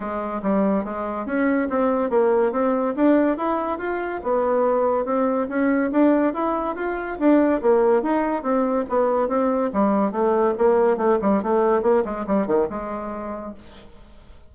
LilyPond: \new Staff \with { instrumentName = "bassoon" } { \time 4/4 \tempo 4 = 142 gis4 g4 gis4 cis'4 | c'4 ais4 c'4 d'4 | e'4 f'4 b2 | c'4 cis'4 d'4 e'4 |
f'4 d'4 ais4 dis'4 | c'4 b4 c'4 g4 | a4 ais4 a8 g8 a4 | ais8 gis8 g8 dis8 gis2 | }